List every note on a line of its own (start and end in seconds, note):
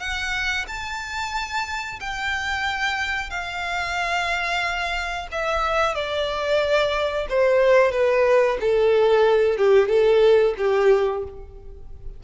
0.00 0.66 F#5
0.68 2.00 A5
2.00 3.30 G5
3.30 5.28 F5
5.32 5.95 E5
5.95 7.27 D5
7.29 7.92 C5
7.92 8.58 B4
8.61 9.58 A4
9.58 9.89 G4
9.89 10.55 A4
10.58 11.24 G4